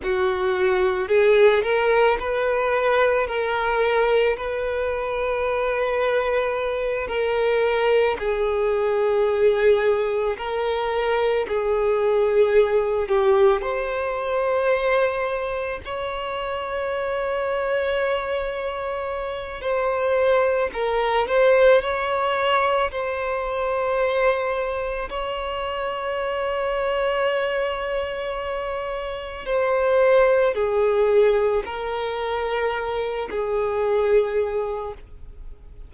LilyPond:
\new Staff \with { instrumentName = "violin" } { \time 4/4 \tempo 4 = 55 fis'4 gis'8 ais'8 b'4 ais'4 | b'2~ b'8 ais'4 gis'8~ | gis'4. ais'4 gis'4. | g'8 c''2 cis''4.~ |
cis''2 c''4 ais'8 c''8 | cis''4 c''2 cis''4~ | cis''2. c''4 | gis'4 ais'4. gis'4. | }